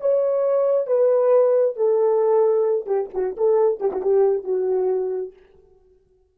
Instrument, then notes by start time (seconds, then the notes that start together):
horn
0.00 C#5
0.86 B4
1.76 A4
2.86 G4
3.13 F#4
3.37 A4
3.80 G4
3.92 F#4
4.02 G4
4.43 F#4